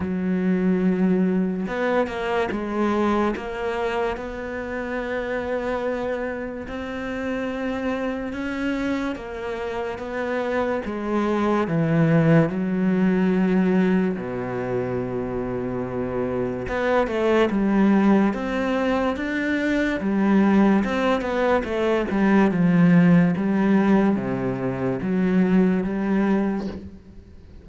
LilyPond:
\new Staff \with { instrumentName = "cello" } { \time 4/4 \tempo 4 = 72 fis2 b8 ais8 gis4 | ais4 b2. | c'2 cis'4 ais4 | b4 gis4 e4 fis4~ |
fis4 b,2. | b8 a8 g4 c'4 d'4 | g4 c'8 b8 a8 g8 f4 | g4 c4 fis4 g4 | }